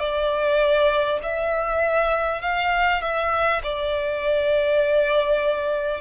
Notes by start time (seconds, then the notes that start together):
0.00 D5
1.23 E5
2.42 F5
3.02 E5
3.63 D5